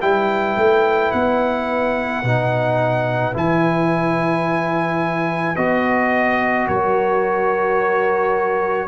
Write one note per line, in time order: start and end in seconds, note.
0.00 0.57 G3
0.00 2.24 E4
0.00 6.67 B4
0.00 1.12 G5
0.57 1.12 A3
1.12 2.23 B3
1.12 3.34 F#5
2.23 3.34 B2
2.23 3.34 D#4
3.34 5.57 E3
3.34 5.56 E4
3.34 5.56 G#5
5.56 6.68 B3
5.56 8.88 F#4
5.56 6.68 D#5
6.68 8.88 F#3
6.68 8.88 A#4
6.68 8.88 C#5